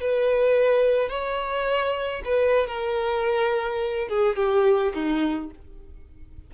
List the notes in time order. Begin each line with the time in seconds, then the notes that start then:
0.00 B4
1.09 C#5
2.24 B4
2.67 A#4
4.08 G#4
4.36 G4
4.93 D#4